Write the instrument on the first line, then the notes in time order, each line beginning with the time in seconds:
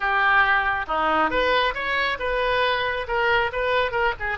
oboe
0.00 G4
0.87 D#4
1.30 B4
1.74 C#5
2.19 B4
3.07 A#4
3.52 B4
3.91 A#4
4.19 G#4